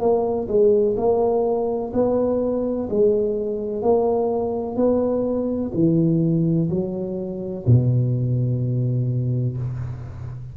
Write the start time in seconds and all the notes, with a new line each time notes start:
0.00 A#3
0.48 G#3
0.97 A#3
1.93 B3
2.90 G#3
3.82 A#3
4.76 B3
5.74 E3
6.70 F#3
7.66 B2